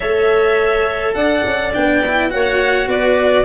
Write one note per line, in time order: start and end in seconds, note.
0.00 1.15 A3
0.00 1.73 A4
0.00 1.15 C#5
0.00 1.14 E5
1.14 1.43 D4
1.14 2.31 D5
1.14 1.72 F#5
1.45 1.74 C#4
1.73 2.33 B3
1.73 2.02 D4
1.73 2.30 G5
2.06 2.29 E4
2.29 2.86 A#3
2.29 3.45 F#4
2.29 2.88 C#5
2.29 2.88 F#5
2.86 3.44 B3
2.86 3.45 B4
2.86 3.45 D5